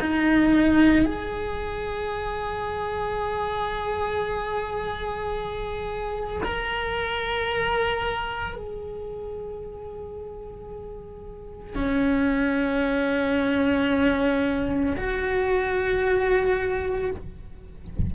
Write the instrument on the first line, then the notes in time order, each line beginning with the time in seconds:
cello
0.00 D#4
1.06 G#4
6.43 A#4
8.56 G#4
11.75 C#4
14.97 F#4